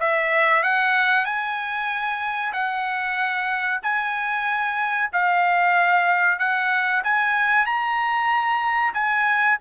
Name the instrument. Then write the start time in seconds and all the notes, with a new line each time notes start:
trumpet
0.00 E5
0.63 F#5
1.25 G#5
2.53 F#5
3.83 G#5
5.12 F5
6.39 F#5
7.04 G#5
7.66 A#5
8.94 G#5